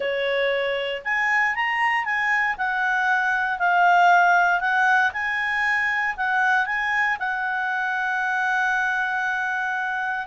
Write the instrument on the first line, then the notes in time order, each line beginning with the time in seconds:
clarinet
0.00 C#5
1.04 G#5
1.55 A#5
2.04 G#5
2.57 F#5
3.58 F5
4.60 F#5
5.13 G#5
6.17 F#5
6.65 G#5
7.19 F#5